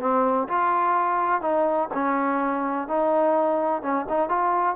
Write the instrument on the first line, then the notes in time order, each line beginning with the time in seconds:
trombone
0.00 C4
0.48 F4
1.41 D#4
1.94 C#4
2.87 D#4
3.82 C#4
4.09 D#4
4.29 F4